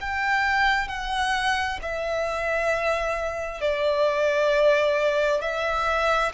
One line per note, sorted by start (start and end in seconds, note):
0.00 0.88 G5
0.88 1.79 F#5
1.82 3.60 E5
3.60 5.41 D5
5.41 6.32 E5